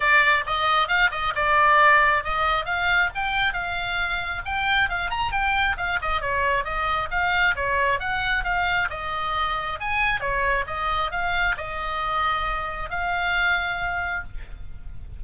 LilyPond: \new Staff \with { instrumentName = "oboe" } { \time 4/4 \tempo 4 = 135 d''4 dis''4 f''8 dis''8 d''4~ | d''4 dis''4 f''4 g''4 | f''2 g''4 f''8 ais''8 | g''4 f''8 dis''8 cis''4 dis''4 |
f''4 cis''4 fis''4 f''4 | dis''2 gis''4 cis''4 | dis''4 f''4 dis''2~ | dis''4 f''2. | }